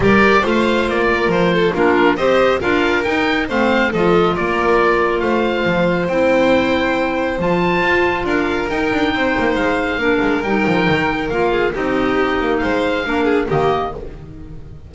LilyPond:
<<
  \new Staff \with { instrumentName = "oboe" } { \time 4/4 \tempo 4 = 138 d''4 f''4 d''4 c''4 | ais'4 dis''4 f''4 g''4 | f''4 dis''4 d''2 | f''2 g''2~ |
g''4 a''2 f''4 | g''2 f''2 | g''2 f''4 dis''4~ | dis''4 f''2 dis''4 | }
  \new Staff \with { instrumentName = "violin" } { \time 4/4 ais'4 c''4. ais'4 a'8 | f'4 c''4 ais'2 | c''4 a'4 ais'2 | c''1~ |
c''2. ais'4~ | ais'4 c''2 ais'4~ | ais'2~ ais'8 gis'8 g'4~ | g'4 c''4 ais'8 gis'8 g'4 | }
  \new Staff \with { instrumentName = "clarinet" } { \time 4/4 g'4 f'2. | d'4 g'4 f'4 dis'4 | c'4 f'2.~ | f'2 e'2~ |
e'4 f'2. | dis'2. d'4 | dis'2 f'4 dis'4~ | dis'2 d'4 ais4 | }
  \new Staff \with { instrumentName = "double bass" } { \time 4/4 g4 a4 ais4 f4 | ais4 c'4 d'4 dis'4 | a4 f4 ais2 | a4 f4 c'2~ |
c'4 f4 f'4 d'4 | dis'8 d'8 c'8 ais8 gis4 ais8 gis8 | g8 f8 dis4 ais4 c'4~ | c'8 ais8 gis4 ais4 dis4 | }
>>